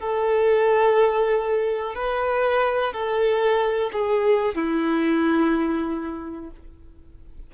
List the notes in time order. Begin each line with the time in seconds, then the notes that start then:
0.00 A4
1.95 B4
2.93 A4
3.93 G#4
4.55 E4